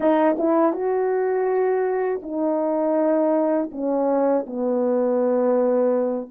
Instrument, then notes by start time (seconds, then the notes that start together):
horn
0.00 D#4
0.38 E4
0.72 F#4
2.22 D#4
3.71 C#4
4.46 B3